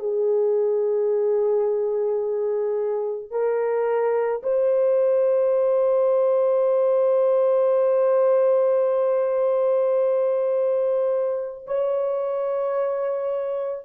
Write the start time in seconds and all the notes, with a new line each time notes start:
0.00 G#4
3.31 A#4
4.43 C5
11.67 C#5